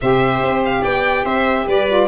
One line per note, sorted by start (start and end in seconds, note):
0.01 0.42 C3
0.01 1.88 G4
0.01 0.82 C5
0.01 0.63 E5
0.42 0.84 C4
0.65 0.83 F5
0.82 1.24 B3
0.82 1.23 D5
0.82 1.25 G5
1.24 1.66 C4
1.24 1.66 C5
1.24 1.67 E5
1.66 2.08 G3
1.66 2.08 B4
1.66 2.08 D5
1.88 2.08 F4